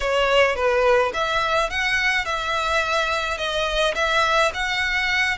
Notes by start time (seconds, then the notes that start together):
0.00 C#5
0.55 B4
1.13 E5
1.70 F#5
2.25 E5
3.37 D#5
3.95 E5
4.53 F#5